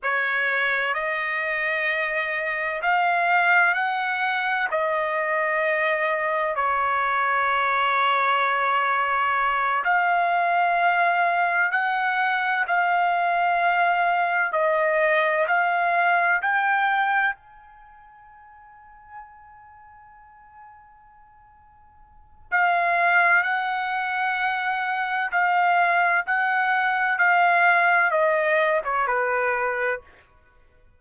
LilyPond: \new Staff \with { instrumentName = "trumpet" } { \time 4/4 \tempo 4 = 64 cis''4 dis''2 f''4 | fis''4 dis''2 cis''4~ | cis''2~ cis''8 f''4.~ | f''8 fis''4 f''2 dis''8~ |
dis''8 f''4 g''4 gis''4.~ | gis''1 | f''4 fis''2 f''4 | fis''4 f''4 dis''8. cis''16 b'4 | }